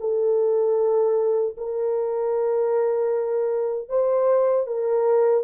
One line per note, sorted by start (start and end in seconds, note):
0.00 1.56 A4
1.58 3.89 A#4
3.89 4.67 C5
4.67 5.44 A#4